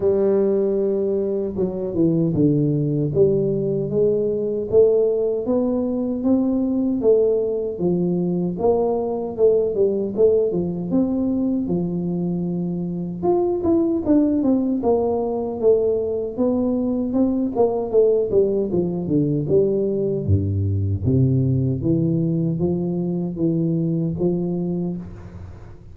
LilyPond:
\new Staff \with { instrumentName = "tuba" } { \time 4/4 \tempo 4 = 77 g2 fis8 e8 d4 | g4 gis4 a4 b4 | c'4 a4 f4 ais4 | a8 g8 a8 f8 c'4 f4~ |
f4 f'8 e'8 d'8 c'8 ais4 | a4 b4 c'8 ais8 a8 g8 | f8 d8 g4 g,4 c4 | e4 f4 e4 f4 | }